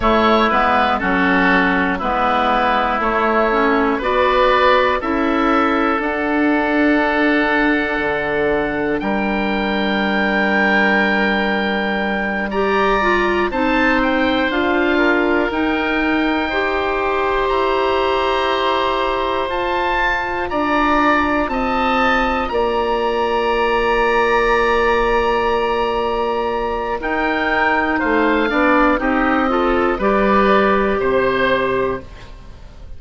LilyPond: <<
  \new Staff \with { instrumentName = "oboe" } { \time 4/4 \tempo 4 = 60 cis''8 b'8 a'4 b'4 cis''4 | d''4 e''4 fis''2~ | fis''4 g''2.~ | g''8 ais''4 a''8 g''8 f''4 g''8~ |
g''4. ais''2 a''8~ | a''8 ais''4 a''4 ais''4.~ | ais''2. g''4 | f''4 dis''4 d''4 c''4 | }
  \new Staff \with { instrumentName = "oboe" } { \time 4/4 e'4 fis'4 e'2 | b'4 a'2.~ | a'4 ais'2.~ | ais'8 d''4 c''4. ais'4~ |
ais'8 c''2.~ c''8~ | c''8 d''4 dis''4 d''4.~ | d''2. ais'4 | c''8 d''8 g'8 a'8 b'4 c''4 | }
  \new Staff \with { instrumentName = "clarinet" } { \time 4/4 a8 b8 cis'4 b4 a8 cis'8 | fis'4 e'4 d'2~ | d'1~ | d'8 g'8 f'8 dis'4 f'4 dis'8~ |
dis'8 g'2. f'8~ | f'1~ | f'2. dis'4~ | dis'8 d'8 dis'8 f'8 g'2 | }
  \new Staff \with { instrumentName = "bassoon" } { \time 4/4 a8 gis8 fis4 gis4 a4 | b4 cis'4 d'2 | d4 g2.~ | g4. c'4 d'4 dis'8~ |
dis'4. e'2 f'8~ | f'8 d'4 c'4 ais4.~ | ais2. dis'4 | a8 b8 c'4 g4 c4 | }
>>